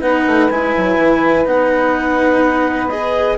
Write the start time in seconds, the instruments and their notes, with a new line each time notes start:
0.00 bassoon B3, cello D#4, saxophone B4, clarinet F#5
0.26 bassoon A3
0.50 bassoon G#3, cello E4, clarinet G#5
0.77 bassoon F#3
0.97 bassoon E3
1.45 bassoon B3, cello D#4, clarinet F#5
2.89 cello G#4, clarinet D#5